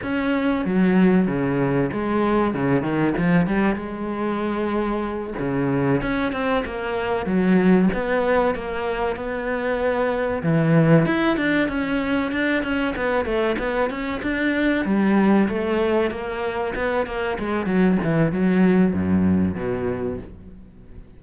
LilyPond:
\new Staff \with { instrumentName = "cello" } { \time 4/4 \tempo 4 = 95 cis'4 fis4 cis4 gis4 | cis8 dis8 f8 g8 gis2~ | gis8 cis4 cis'8 c'8 ais4 fis8~ | fis8 b4 ais4 b4.~ |
b8 e4 e'8 d'8 cis'4 d'8 | cis'8 b8 a8 b8 cis'8 d'4 g8~ | g8 a4 ais4 b8 ais8 gis8 | fis8 e8 fis4 fis,4 b,4 | }